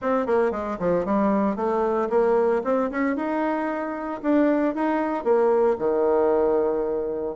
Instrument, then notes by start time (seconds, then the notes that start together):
bassoon
0.01 C4
0.26 A#3
0.51 G#3
0.79 F3
1.05 G3
1.56 A3
2.09 A#3
2.64 C4
2.90 C#4
3.16 D#4
4.22 D4
4.75 D#4
5.23 A#3
5.78 D#3